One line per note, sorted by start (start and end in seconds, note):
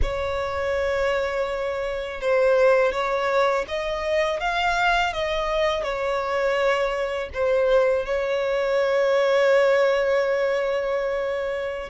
0.02 2.21 C#5
2.21 2.91 C5
2.91 3.65 C#5
3.68 4.40 D#5
4.40 5.13 F5
5.13 5.83 D#5
5.83 7.29 C#5
7.33 8.05 C5
8.05 11.89 C#5